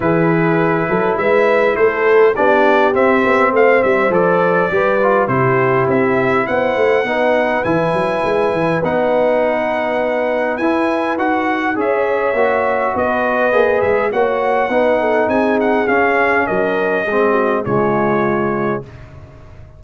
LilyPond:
<<
  \new Staff \with { instrumentName = "trumpet" } { \time 4/4 \tempo 4 = 102 b'2 e''4 c''4 | d''4 e''4 f''8 e''8 d''4~ | d''4 c''4 e''4 fis''4~ | fis''4 gis''2 fis''4~ |
fis''2 gis''4 fis''4 | e''2 dis''4. e''8 | fis''2 gis''8 fis''8 f''4 | dis''2 cis''2 | }
  \new Staff \with { instrumentName = "horn" } { \time 4/4 gis'4. a'8 b'4 a'4 | g'2 c''2 | b'4 g'2 c''4 | b'1~ |
b'1 | cis''2 b'2 | cis''4 b'8 a'8 gis'2 | ais'4 gis'8 fis'8 f'2 | }
  \new Staff \with { instrumentName = "trombone" } { \time 4/4 e'1 | d'4 c'2 a'4 | g'8 f'8 e'2. | dis'4 e'2 dis'4~ |
dis'2 e'4 fis'4 | gis'4 fis'2 gis'4 | fis'4 dis'2 cis'4~ | cis'4 c'4 gis2 | }
  \new Staff \with { instrumentName = "tuba" } { \time 4/4 e4. fis8 gis4 a4 | b4 c'8 b8 a8 g8 f4 | g4 c4 c'4 b8 a8 | b4 e8 fis8 gis8 e8 b4~ |
b2 e'4 dis'4 | cis'4 ais4 b4 ais8 gis8 | ais4 b4 c'4 cis'4 | fis4 gis4 cis2 | }
>>